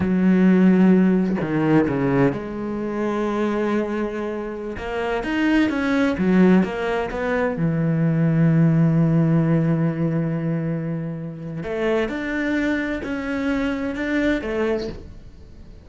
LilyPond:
\new Staff \with { instrumentName = "cello" } { \time 4/4 \tempo 4 = 129 fis2. dis4 | cis4 gis2.~ | gis2~ gis16 ais4 dis'8.~ | dis'16 cis'4 fis4 ais4 b8.~ |
b16 e2.~ e8.~ | e1~ | e4 a4 d'2 | cis'2 d'4 a4 | }